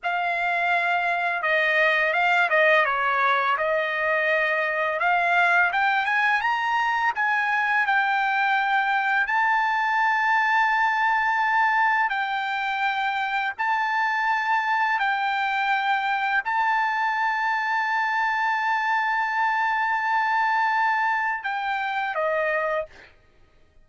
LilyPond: \new Staff \with { instrumentName = "trumpet" } { \time 4/4 \tempo 4 = 84 f''2 dis''4 f''8 dis''8 | cis''4 dis''2 f''4 | g''8 gis''8 ais''4 gis''4 g''4~ | g''4 a''2.~ |
a''4 g''2 a''4~ | a''4 g''2 a''4~ | a''1~ | a''2 g''4 dis''4 | }